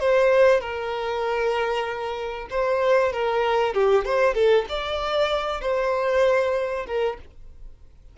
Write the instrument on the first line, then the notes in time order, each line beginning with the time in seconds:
violin
0.00 C5
0.61 A#4
2.50 C5
3.13 A#4
3.74 G4
4.05 C5
4.35 A4
4.69 D5
5.61 C5
6.86 A#4